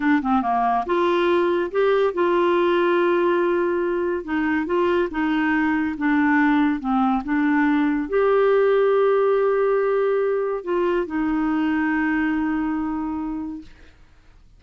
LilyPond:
\new Staff \with { instrumentName = "clarinet" } { \time 4/4 \tempo 4 = 141 d'8 c'8 ais4 f'2 | g'4 f'2.~ | f'2 dis'4 f'4 | dis'2 d'2 |
c'4 d'2 g'4~ | g'1~ | g'4 f'4 dis'2~ | dis'1 | }